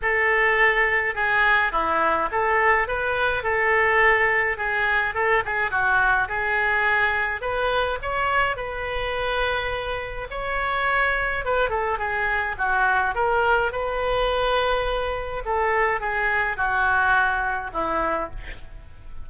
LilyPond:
\new Staff \with { instrumentName = "oboe" } { \time 4/4 \tempo 4 = 105 a'2 gis'4 e'4 | a'4 b'4 a'2 | gis'4 a'8 gis'8 fis'4 gis'4~ | gis'4 b'4 cis''4 b'4~ |
b'2 cis''2 | b'8 a'8 gis'4 fis'4 ais'4 | b'2. a'4 | gis'4 fis'2 e'4 | }